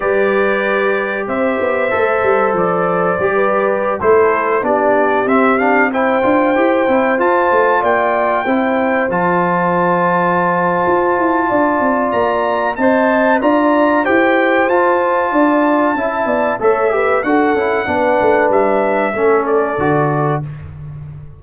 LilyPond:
<<
  \new Staff \with { instrumentName = "trumpet" } { \time 4/4 \tempo 4 = 94 d''2 e''2 | d''2~ d''16 c''4 d''8.~ | d''16 e''8 f''8 g''2 a''8.~ | a''16 g''2 a''4.~ a''16~ |
a''2. ais''4 | a''4 ais''4 g''4 a''4~ | a''2 e''4 fis''4~ | fis''4 e''4. d''4. | }
  \new Staff \with { instrumentName = "horn" } { \time 4/4 b'2 c''2~ | c''4~ c''16 b'4 a'4 g'8.~ | g'4~ g'16 c''2~ c''8.~ | c''16 d''4 c''2~ c''8.~ |
c''2 d''2 | dis''4 d''4 c''2 | d''4 e''8 d''8 cis''8 b'8 a'4 | b'2 a'2 | }
  \new Staff \with { instrumentName = "trombone" } { \time 4/4 g'2. a'4~ | a'4 g'4~ g'16 e'4 d'8.~ | d'16 c'8 d'8 e'8 f'8 g'8 e'8 f'8.~ | f'4~ f'16 e'4 f'4.~ f'16~ |
f'1 | c''4 f'4 g'4 f'4~ | f'4 e'4 a'8 g'8 fis'8 e'8 | d'2 cis'4 fis'4 | }
  \new Staff \with { instrumentName = "tuba" } { \time 4/4 g2 c'8 b8 a8 g8 | f4 g4~ g16 a4 b8.~ | b16 c'4. d'8 e'8 c'8 f'8 a16~ | a16 ais4 c'4 f4.~ f16~ |
f4 f'8 e'8 d'8 c'8 ais4 | c'4 d'4 e'4 f'4 | d'4 cis'8 b8 a4 d'8 cis'8 | b8 a8 g4 a4 d4 | }
>>